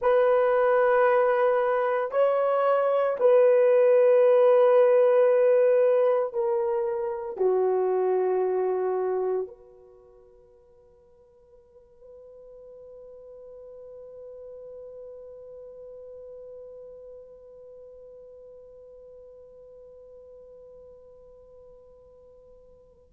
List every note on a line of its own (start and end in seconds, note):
0.01 2.11 B4
2.11 3.16 C#5
3.19 6.33 B4
6.33 7.36 A#4
7.36 9.47 F#4
9.47 23.13 B4